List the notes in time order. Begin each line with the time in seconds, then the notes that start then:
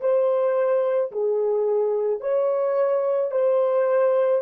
0.00 C5
1.12 G#4
2.20 C#5
3.31 C5